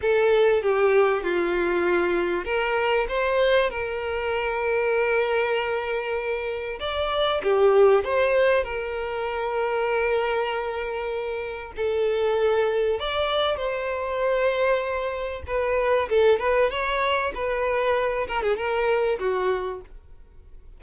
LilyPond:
\new Staff \with { instrumentName = "violin" } { \time 4/4 \tempo 4 = 97 a'4 g'4 f'2 | ais'4 c''4 ais'2~ | ais'2. d''4 | g'4 c''4 ais'2~ |
ais'2. a'4~ | a'4 d''4 c''2~ | c''4 b'4 a'8 b'8 cis''4 | b'4. ais'16 gis'16 ais'4 fis'4 | }